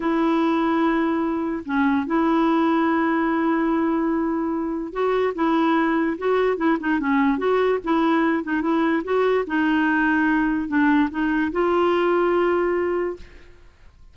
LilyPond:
\new Staff \with { instrumentName = "clarinet" } { \time 4/4 \tempo 4 = 146 e'1 | cis'4 e'2.~ | e'1 | fis'4 e'2 fis'4 |
e'8 dis'8 cis'4 fis'4 e'4~ | e'8 dis'8 e'4 fis'4 dis'4~ | dis'2 d'4 dis'4 | f'1 | }